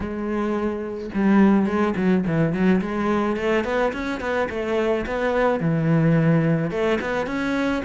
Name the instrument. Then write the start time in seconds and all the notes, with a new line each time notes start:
cello
0.00 G#3
1.14 G3
1.65 G#3
1.96 F#3
2.26 E3
2.52 F#3
2.81 G#3
3.36 A3
3.64 B3
3.93 C#4
4.20 B3
4.49 A3
5.06 B3
5.60 E3
6.71 A3
7.00 B3
7.26 C#4